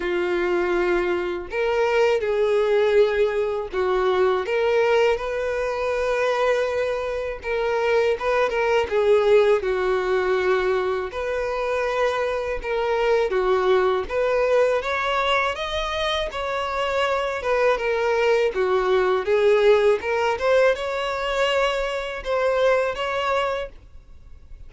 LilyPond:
\new Staff \with { instrumentName = "violin" } { \time 4/4 \tempo 4 = 81 f'2 ais'4 gis'4~ | gis'4 fis'4 ais'4 b'4~ | b'2 ais'4 b'8 ais'8 | gis'4 fis'2 b'4~ |
b'4 ais'4 fis'4 b'4 | cis''4 dis''4 cis''4. b'8 | ais'4 fis'4 gis'4 ais'8 c''8 | cis''2 c''4 cis''4 | }